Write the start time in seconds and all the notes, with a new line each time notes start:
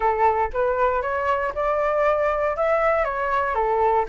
0.00 A4
0.53 B4
1.02 C#5
1.54 D5
2.56 E5
3.04 C#5
3.54 A4